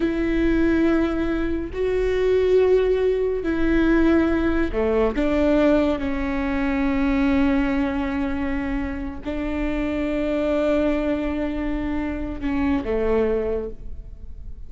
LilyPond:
\new Staff \with { instrumentName = "viola" } { \time 4/4 \tempo 4 = 140 e'1 | fis'1 | e'2. a4 | d'2 cis'2~ |
cis'1~ | cis'4. d'2~ d'8~ | d'1~ | d'4 cis'4 a2 | }